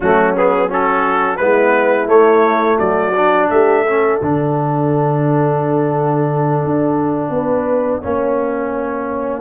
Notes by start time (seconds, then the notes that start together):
0.00 F#3 A3 C#4 F#4
0.36 B3 G#4
0.68 C#4 F#4 A4
1.36 G#3 B3 E4 B4
2.07 A3 C#5
2.78 F#3 F#4 D5
3.16 D4
3.49 A3 G4 E5
3.81 C#4 A4
4.19 D3 D4 F#5
6.63 D4
7.30 B3 B4
8.01 A#3 C#4 C#5